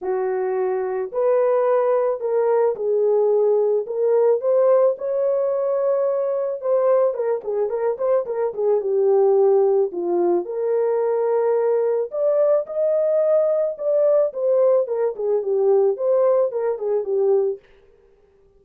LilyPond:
\new Staff \with { instrumentName = "horn" } { \time 4/4 \tempo 4 = 109 fis'2 b'2 | ais'4 gis'2 ais'4 | c''4 cis''2. | c''4 ais'8 gis'8 ais'8 c''8 ais'8 gis'8 |
g'2 f'4 ais'4~ | ais'2 d''4 dis''4~ | dis''4 d''4 c''4 ais'8 gis'8 | g'4 c''4 ais'8 gis'8 g'4 | }